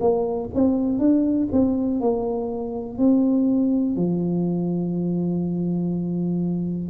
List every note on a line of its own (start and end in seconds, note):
0.00 0.49 A#3
0.54 0.98 C4
0.98 1.48 D4
1.52 2.00 C4
2.00 2.97 A#3
2.97 3.95 C4
3.95 6.89 F3